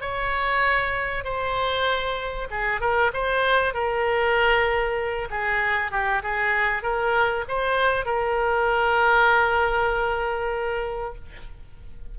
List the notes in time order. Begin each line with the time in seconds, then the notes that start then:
0.00 C#5
1.24 C5
2.50 G#4
2.80 A#4
3.13 C5
3.74 A#4
5.30 G#4
5.91 G4
6.22 G#4
6.82 A#4
7.48 C5
8.05 A#4